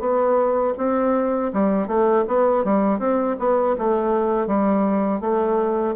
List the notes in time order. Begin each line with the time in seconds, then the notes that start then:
0.00 B3
0.78 C4
1.53 G3
1.88 A3
2.28 B3
2.64 G3
2.99 C4
3.39 B3
3.78 A3
4.47 G3
5.21 A3